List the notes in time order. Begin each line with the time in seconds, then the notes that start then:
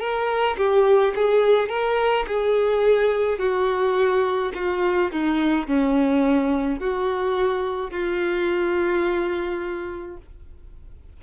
0.00 A#4
0.57 G4
1.16 G#4
1.69 A#4
2.27 G#4
3.39 F#4
4.55 F4
5.12 D#4
5.68 C#4
6.80 F#4
7.91 F4